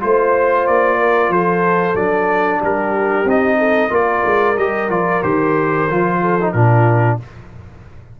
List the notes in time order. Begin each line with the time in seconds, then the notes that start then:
0.00 A3 F4 C5
0.67 A#3 D5
0.98 A#4
1.29 F3 A4 C5
1.94 F#3 D4 D5
2.59 G3 G4 A#4
3.24 C4 D#4 D#5
3.58 A4
3.90 A#3 F4 A#4 D5
4.25 G#3
4.57 G3 G4 D#5
4.89 F3 F4 D5
5.22 D#3 G4 C5
5.89 F3 F4
6.21 A4
6.40 D#4
6.52 A#2 D4 F4 A#4